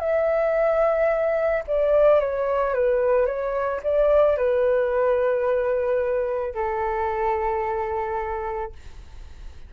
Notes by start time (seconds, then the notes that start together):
0.00 E5
1.68 D5
2.20 C#5
2.74 B4
3.26 C#5
3.83 D5
4.38 B4
6.55 A4